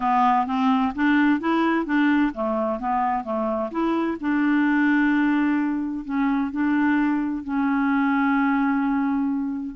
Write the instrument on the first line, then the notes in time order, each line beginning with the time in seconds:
clarinet
0.00 B3
0.46 C4
0.95 D4
1.40 E4
1.85 D4
2.34 A3
2.79 B3
3.23 A3
3.71 E4
4.20 D4
6.05 C#4
6.51 D4
7.43 C#4